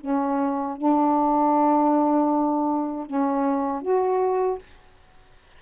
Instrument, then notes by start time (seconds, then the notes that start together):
saxophone
0.00 C#4
0.77 D4
3.06 C#4
3.81 F#4